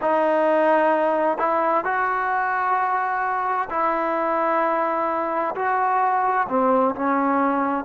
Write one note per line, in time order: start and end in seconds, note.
0.01 1.38 D#4
1.38 1.84 E4
1.84 3.68 F#4
3.70 5.54 E4
5.55 6.47 F#4
6.48 6.94 C4
6.95 7.84 C#4